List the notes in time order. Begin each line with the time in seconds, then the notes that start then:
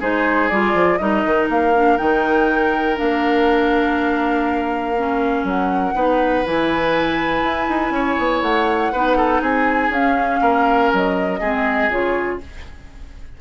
0.00 G#3 D#4 G#4 C5
0.49 G3 F4 D5
0.74 F3
0.98 G3 D#4 A#4 D#5
1.25 D#3
1.49 A#3 F5
1.75 D4
1.98 D#3 D#4 G5
2.96 A#3 D4 F5
4.98 C#4
5.44 F#3 F#5
5.95 B3 D#4 B4
6.46 E3 E4 G#5
7.43 E4
7.69 D#4
7.91 C#4 C#5
8.18 B3
8.42 A3 F#5
8.92 B3 D#4 B4
9.17 A4
9.41 C4 G#4 G#5
9.90 C#4 F5
10.41 A#3 A#4
10.93 F#3 D#5
11.40 G#3 C4 G#4
11.90 C#3 F4 C#5